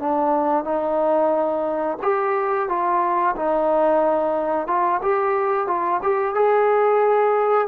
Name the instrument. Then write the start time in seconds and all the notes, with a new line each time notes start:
trombone
0.00 D4
0.65 D#4
2.02 G4
2.69 F4
3.36 D#4
4.67 F4
5.02 G4
5.67 F4
6.03 G4
6.35 G#4